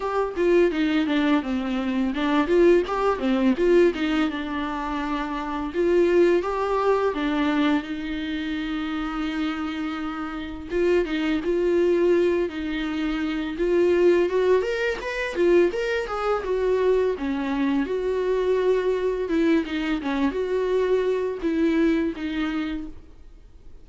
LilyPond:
\new Staff \with { instrumentName = "viola" } { \time 4/4 \tempo 4 = 84 g'8 f'8 dis'8 d'8 c'4 d'8 f'8 | g'8 c'8 f'8 dis'8 d'2 | f'4 g'4 d'4 dis'4~ | dis'2. f'8 dis'8 |
f'4. dis'4. f'4 | fis'8 ais'8 b'8 f'8 ais'8 gis'8 fis'4 | cis'4 fis'2 e'8 dis'8 | cis'8 fis'4. e'4 dis'4 | }